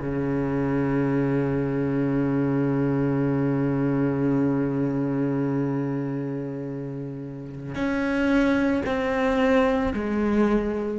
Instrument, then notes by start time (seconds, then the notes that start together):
cello
0.00 C#3
7.75 C#4
8.86 C4
9.94 G#3